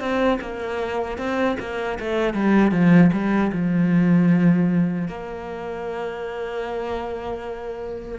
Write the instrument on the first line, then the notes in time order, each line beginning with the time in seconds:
cello
0.00 C4
0.41 A#3
1.18 C4
1.60 A#3
1.99 A3
2.34 G3
2.72 F3
3.13 G3
3.52 F3
5.08 A#3